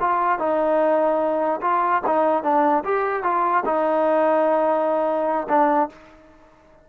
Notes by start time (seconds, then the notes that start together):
0.00 F4
0.39 D#4
1.61 F4
2.06 D#4
2.43 D4
2.84 G4
3.23 F4
3.65 D#4
5.49 D4